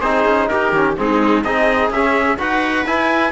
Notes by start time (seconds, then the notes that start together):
0.00 C4 D#4 G#4 C5
0.25 C#4
0.48 D#4 G4 A#4
0.72 D#3 C#4
0.97 G#3 C4 D#4 G#4
1.43 C4 D#4 G#4 D#5
1.90 C#4 E5
2.38 D#4 F#4 B4 F#5
2.85 E4 G#5